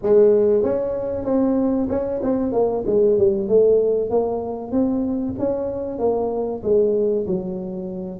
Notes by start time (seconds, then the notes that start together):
0.02 G#3
0.63 C#4
1.24 C4
1.89 C#4
2.22 C4
2.52 A#3
2.86 G#3
3.18 G3
3.48 A3
4.09 A#3
4.71 C4
5.38 C#4
5.98 A#3
6.63 G#3
7.26 F#3